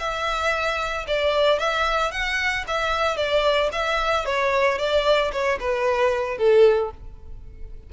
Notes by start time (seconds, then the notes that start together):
0.00 E5
1.08 D5
1.60 E5
2.12 F#5
2.68 E5
3.17 D5
3.73 E5
4.26 C#5
4.79 D5
5.33 C#5
5.60 B4
6.38 A4